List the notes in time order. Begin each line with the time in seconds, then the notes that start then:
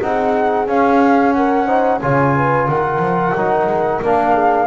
0.00 C4 D#4 G#4 F#5
0.66 C#4 F5
1.32 A#4 F#5
1.66 D#4 C5
2.00 C#3 F4 C#5 G#5
2.36 B4
2.67 D#3 A#4 F#5
2.98 F3
3.35 F#3 D#4
3.66 G#3
4.02 A#3 D4 F5
4.33 G#4